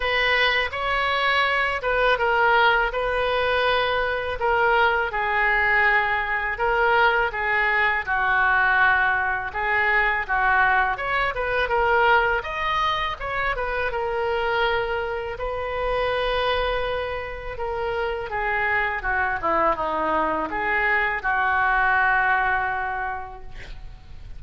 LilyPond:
\new Staff \with { instrumentName = "oboe" } { \time 4/4 \tempo 4 = 82 b'4 cis''4. b'8 ais'4 | b'2 ais'4 gis'4~ | gis'4 ais'4 gis'4 fis'4~ | fis'4 gis'4 fis'4 cis''8 b'8 |
ais'4 dis''4 cis''8 b'8 ais'4~ | ais'4 b'2. | ais'4 gis'4 fis'8 e'8 dis'4 | gis'4 fis'2. | }